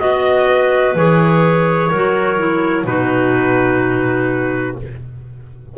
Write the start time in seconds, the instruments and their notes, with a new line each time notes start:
0.00 double bass B3, clarinet F#4 D#5, trumpet D#5
0.48 clarinet B4
0.95 double bass E3, clarinet G#4, trumpet C#5
1.90 double bass F#3, clarinet F#4 A#4
2.38 clarinet E4
2.85 double bass B2, clarinet D#4 F#4, trumpet B4